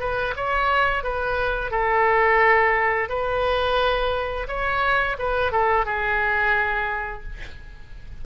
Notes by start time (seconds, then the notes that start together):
0.00 B4
0.36 C#5
1.03 B4
1.71 A4
3.09 B4
4.48 C#5
5.18 B4
5.52 A4
5.85 G#4